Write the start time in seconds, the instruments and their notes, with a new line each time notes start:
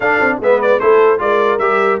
0.00 tuba D4, trombone D4, horn A4, trumpet F5
0.20 tuba C4
0.39 tuba G#3, trombone B3, horn B4, trumpet E5
0.61 trumpet D5
0.79 tuba A3, trombone E4, horn A4, trumpet C5
1.18 tuba G#3, trombone F4, horn A#4, trumpet D5
1.58 tuba G3, trombone G4, trumpet E5